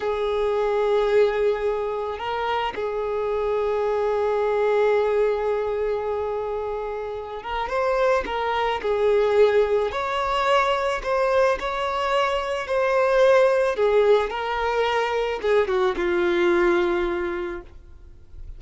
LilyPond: \new Staff \with { instrumentName = "violin" } { \time 4/4 \tempo 4 = 109 gis'1 | ais'4 gis'2.~ | gis'1~ | gis'4. ais'8 c''4 ais'4 |
gis'2 cis''2 | c''4 cis''2 c''4~ | c''4 gis'4 ais'2 | gis'8 fis'8 f'2. | }